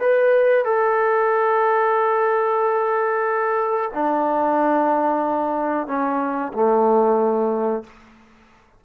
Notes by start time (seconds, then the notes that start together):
0.00 B4
0.65 A4
3.93 D4
5.87 C#4
6.53 A3